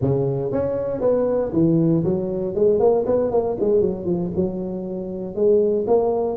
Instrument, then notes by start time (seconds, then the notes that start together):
tuba
0.01 C#3
0.52 C#4
1.00 B3
1.52 E3
2.04 F#3
2.54 G#3
2.79 A#3
3.06 B3
3.31 A#3
3.60 G#3
3.81 F#3
4.05 F3
4.35 F#3
5.35 G#3
5.87 A#3